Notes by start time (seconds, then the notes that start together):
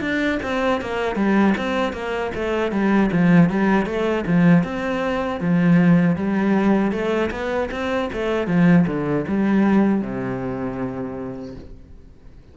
0.00 D4
0.42 C4
0.81 A#3
1.15 G3
1.57 C4
1.92 A#3
2.35 A3
2.71 G3
3.12 F3
3.49 G3
3.86 A3
4.26 F3
4.63 C4
5.40 F3
6.16 G3
6.91 A3
7.30 B3
7.71 C4
8.13 A3
8.47 F3
8.86 D3
9.27 G3
10.01 C3